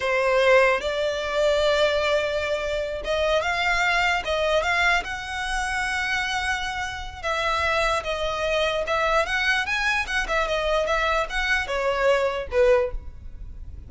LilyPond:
\new Staff \with { instrumentName = "violin" } { \time 4/4 \tempo 4 = 149 c''2 d''2~ | d''2.~ d''8 dis''8~ | dis''8 f''2 dis''4 f''8~ | f''8 fis''2.~ fis''8~ |
fis''2 e''2 | dis''2 e''4 fis''4 | gis''4 fis''8 e''8 dis''4 e''4 | fis''4 cis''2 b'4 | }